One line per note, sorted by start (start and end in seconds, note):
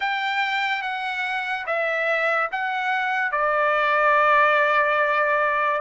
0.00 0.82 G5
0.82 1.65 F#5
1.66 2.49 E5
2.51 3.31 F#5
3.31 5.81 D5